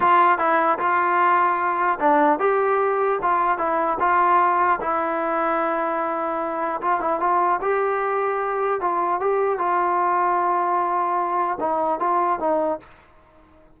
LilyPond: \new Staff \with { instrumentName = "trombone" } { \time 4/4 \tempo 4 = 150 f'4 e'4 f'2~ | f'4 d'4 g'2 | f'4 e'4 f'2 | e'1~ |
e'4 f'8 e'8 f'4 g'4~ | g'2 f'4 g'4 | f'1~ | f'4 dis'4 f'4 dis'4 | }